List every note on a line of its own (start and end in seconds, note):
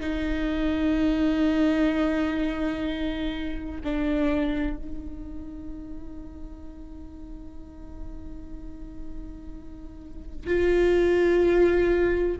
0.00 3.81 D#4
3.84 4.77 D4
4.77 10.46 D#4
10.46 12.37 F4